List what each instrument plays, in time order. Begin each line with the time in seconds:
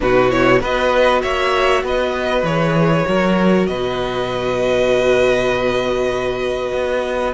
0.00 cello B2, viola D#4, violin F#4 B4
0.29 viola E4, violin C#5
0.60 cello B3, viola F#4, violin B4 D#5
1.21 cello A#3, violin C#5 E5
1.82 cello B3, violin B4 D#5
2.42 cello E3, viola G#4, violin C#5
3.05 cello F#3, viola F#4, violin A#4
3.67 cello B2, violin B4 D#5
6.72 cello B3